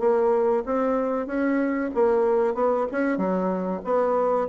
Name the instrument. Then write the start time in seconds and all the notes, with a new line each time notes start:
bassoon
0.00 A#3
0.66 C4
1.27 C#4
1.94 A#3
2.55 B3
2.92 C#4
3.18 F#3
3.84 B3